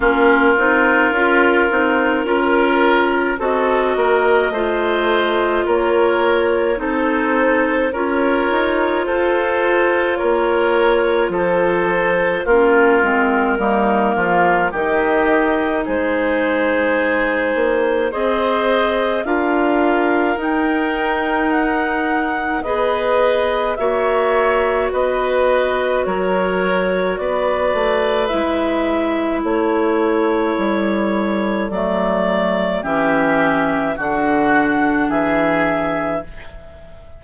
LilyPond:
<<
  \new Staff \with { instrumentName = "clarinet" } { \time 4/4 \tempo 4 = 53 ais'2. dis''4~ | dis''4 cis''4 c''4 cis''4 | c''4 cis''4 c''4 ais'4~ | ais'4 dis''4 c''2 |
dis''4 f''4 g''4 fis''4 | dis''4 e''4 dis''4 cis''4 | d''4 e''4 cis''2 | d''4 e''4 fis''4 e''4 | }
  \new Staff \with { instrumentName = "oboe" } { \time 4/4 f'2 ais'4 a'8 ais'8 | c''4 ais'4 a'4 ais'4 | a'4 ais'4 a'4 f'4 | dis'8 f'8 g'4 gis'2 |
c''4 ais'2. | b'4 cis''4 b'4 ais'4 | b'2 a'2~ | a'4 g'4 fis'4 gis'4 | }
  \new Staff \with { instrumentName = "clarinet" } { \time 4/4 cis'8 dis'8 f'8 dis'8 f'4 fis'4 | f'2 dis'4 f'4~ | f'2. cis'8 c'8 | ais4 dis'2. |
gis'4 f'4 dis'2 | gis'4 fis'2.~ | fis'4 e'2. | a4 cis'4 d'2 | }
  \new Staff \with { instrumentName = "bassoon" } { \time 4/4 ais8 c'8 cis'8 c'8 cis'4 c'8 ais8 | a4 ais4 c'4 cis'8 dis'8 | f'4 ais4 f4 ais8 gis8 | g8 f8 dis4 gis4. ais8 |
c'4 d'4 dis'2 | b4 ais4 b4 fis4 | b8 a8 gis4 a4 g4 | fis4 e4 d4 e4 | }
>>